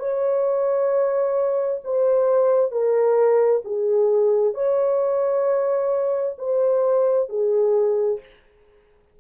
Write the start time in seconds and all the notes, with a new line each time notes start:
0.00 C#5
1.85 C5
2.72 A#4
3.65 G#4
4.55 C#5
6.39 C5
7.29 G#4